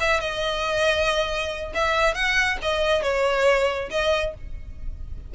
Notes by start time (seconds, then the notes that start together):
0.00 E5
0.21 D#5
1.75 E5
2.14 F#5
2.62 D#5
3.03 C#5
3.91 D#5